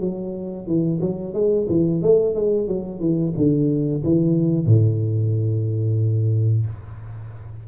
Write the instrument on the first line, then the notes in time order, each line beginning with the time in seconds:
tuba
0.00 F#3
0.67 E3
1.01 F#3
1.33 G#3
1.68 E3
2.02 A3
2.35 G#3
2.68 F#3
3.00 E3
3.36 D3
4.03 E3
4.66 A2